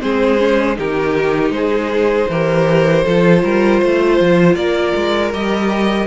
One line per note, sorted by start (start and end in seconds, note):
0.00 0.78 G#3
0.00 0.38 C4
0.00 0.77 G#4
0.00 0.77 C5
0.38 0.76 C#4
0.76 1.50 D#3
0.76 2.28 D#4
0.76 1.53 G4
0.76 1.51 A#4
1.50 2.26 G#3
1.50 2.30 G#4
1.50 4.55 C5
2.28 3.04 E3
2.28 3.05 G4
2.28 3.04 A#4
3.04 3.43 F3
3.04 5.32 F4
3.04 3.42 A4
3.43 3.81 G3
3.43 3.80 A#4
3.80 4.20 A3
3.80 4.56 C5
4.20 4.55 F3
4.55 4.93 A#3
4.55 6.06 A#4
4.55 5.31 D5
4.95 5.33 G#3
5.32 6.06 G3
5.32 6.06 G4
5.32 6.06 D#5